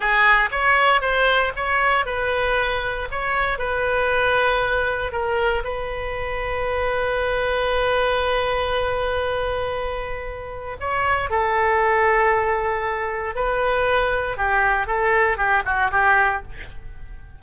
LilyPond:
\new Staff \with { instrumentName = "oboe" } { \time 4/4 \tempo 4 = 117 gis'4 cis''4 c''4 cis''4 | b'2 cis''4 b'4~ | b'2 ais'4 b'4~ | b'1~ |
b'1~ | b'4 cis''4 a'2~ | a'2 b'2 | g'4 a'4 g'8 fis'8 g'4 | }